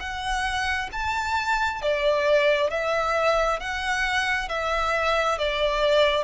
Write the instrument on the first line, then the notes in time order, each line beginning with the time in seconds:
violin
0.00 F#5
0.92 A5
1.82 D5
2.70 E5
3.60 F#5
4.49 E5
5.38 D5